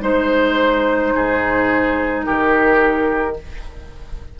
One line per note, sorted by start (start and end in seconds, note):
0.00 1.13 G#3
0.00 3.33 D#4
0.00 1.13 C5
0.00 2.25 C5
1.15 2.26 G#2
1.15 2.26 G#4
2.25 3.40 D#3
2.25 3.37 G4
2.25 3.36 A#4